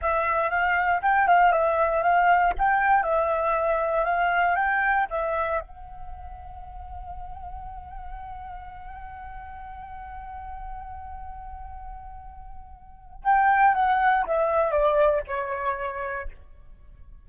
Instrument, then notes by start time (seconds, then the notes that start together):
flute
0.01 E5
0.50 F5
1.02 G5
1.27 F5
1.52 E5
2.02 F5
2.58 G5
3.03 E5
4.04 F5
4.55 G5
5.09 E5
5.60 F#5
13.24 G5
13.74 F#5
14.25 E5
14.71 D5
15.27 C#5